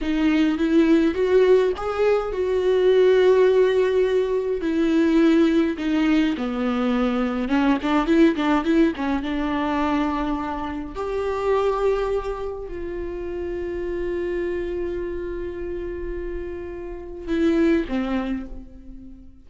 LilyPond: \new Staff \with { instrumentName = "viola" } { \time 4/4 \tempo 4 = 104 dis'4 e'4 fis'4 gis'4 | fis'1 | e'2 dis'4 b4~ | b4 cis'8 d'8 e'8 d'8 e'8 cis'8 |
d'2. g'4~ | g'2 f'2~ | f'1~ | f'2 e'4 c'4 | }